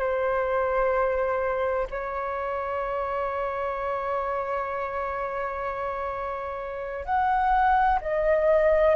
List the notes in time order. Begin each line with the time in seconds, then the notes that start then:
0.00 C5
1.90 C#5
7.06 F#5
8.02 D#5